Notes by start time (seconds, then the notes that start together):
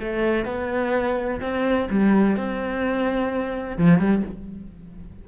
0.00 A3
0.45 B3
1.41 C4
1.90 G3
2.37 C4
3.78 F3
3.99 G3